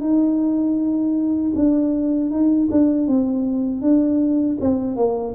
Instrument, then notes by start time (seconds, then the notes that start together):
tuba
0.00 D#4
1.55 D4
2.30 D#4
2.71 D4
3.07 C4
3.81 D4
4.61 C4
4.96 A#3